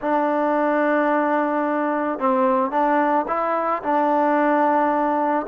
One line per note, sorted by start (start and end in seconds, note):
0.01 2.19 D4
2.19 2.70 C4
2.70 3.25 D4
3.27 3.82 E4
3.82 5.46 D4